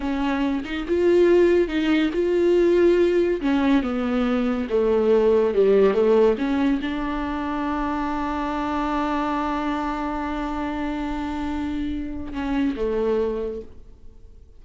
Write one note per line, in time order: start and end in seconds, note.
0.00 0.63 C#4
0.64 0.85 D#4
0.88 1.68 F4
1.68 2.10 D#4
2.13 3.40 F4
3.41 3.83 C#4
3.83 4.68 B3
4.69 5.54 A3
5.54 5.94 G3
5.94 6.36 A3
6.38 6.80 C#4
6.81 12.32 D4
12.32 12.75 C#4
12.76 13.61 A3